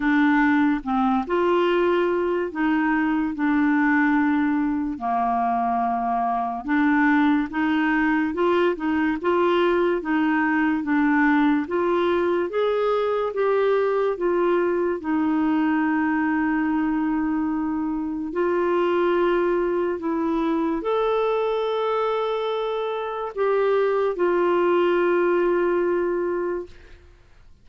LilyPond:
\new Staff \with { instrumentName = "clarinet" } { \time 4/4 \tempo 4 = 72 d'4 c'8 f'4. dis'4 | d'2 ais2 | d'4 dis'4 f'8 dis'8 f'4 | dis'4 d'4 f'4 gis'4 |
g'4 f'4 dis'2~ | dis'2 f'2 | e'4 a'2. | g'4 f'2. | }